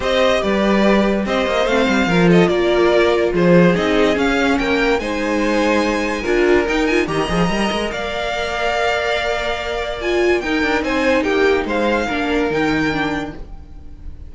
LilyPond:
<<
  \new Staff \with { instrumentName = "violin" } { \time 4/4 \tempo 4 = 144 dis''4 d''2 dis''4 | f''4. dis''8 d''2 | c''4 dis''4 f''4 g''4 | gis''1 |
g''8 gis''8 ais''2 f''4~ | f''1 | gis''4 g''4 gis''4 g''4 | f''2 g''2 | }
  \new Staff \with { instrumentName = "violin" } { \time 4/4 c''4 b'2 c''4~ | c''4 ais'8 a'8 ais'2 | gis'2. ais'4 | c''2. ais'4~ |
ais'4 dis''2 d''4~ | d''1~ | d''4 ais'4 c''4 g'4 | c''4 ais'2. | }
  \new Staff \with { instrumentName = "viola" } { \time 4/4 g'1 | c'4 f'2.~ | f'4 dis'4 cis'2 | dis'2. f'4 |
dis'8 f'8 g'8 gis'8 ais'2~ | ais'1 | f'4 dis'2.~ | dis'4 d'4 dis'4 d'4 | }
  \new Staff \with { instrumentName = "cello" } { \time 4/4 c'4 g2 c'8 ais8 | a8 g8 f4 ais2 | f4 c'4 cis'4 ais4 | gis2. d'4 |
dis'4 dis8 f8 g8 gis8 ais4~ | ais1~ | ais4 dis'8 d'8 c'4 ais4 | gis4 ais4 dis2 | }
>>